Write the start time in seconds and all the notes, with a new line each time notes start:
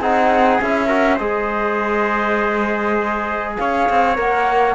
0.00 C4 D#4 G#4 F#5
0.62 C#4 E4 E5
0.86 F#4 A#4
1.15 G#3 G#4 C5 D#5
3.57 C#4 C#5 F5
3.89 C4
4.15 A#3 A#4 F#5